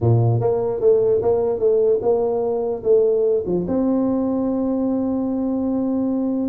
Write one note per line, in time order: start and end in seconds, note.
0.01 0.40 A#2
0.40 0.80 A#3
0.80 1.21 A3
1.22 1.59 A#3
1.59 2.00 A3
2.01 2.82 A#3
2.83 3.44 A3
3.46 3.66 F3
3.67 6.48 C4